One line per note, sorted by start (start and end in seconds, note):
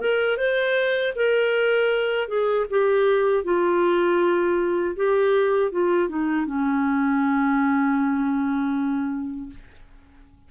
0.00 0.37 A#4
0.37 1.13 C5
1.16 2.28 A#4
2.28 2.66 G#4
2.70 3.44 G4
3.44 4.96 F4
4.96 5.72 G4
5.72 6.09 F4
6.09 6.46 D#4
6.46 9.50 C#4